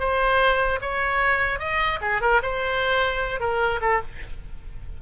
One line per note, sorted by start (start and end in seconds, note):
0.00 0.80 C5
0.82 1.60 C#5
1.60 2.00 D#5
2.02 2.22 G#4
2.22 2.42 A#4
2.43 3.40 C5
3.40 3.80 A#4
3.82 4.02 A4